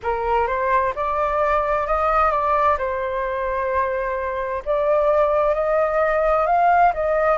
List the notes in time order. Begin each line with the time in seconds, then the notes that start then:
0.03 A#4
0.47 C5
0.95 D5
1.87 D#5
2.31 D5
2.78 C5
4.64 D5
5.54 D#5
6.46 F5
6.94 D#5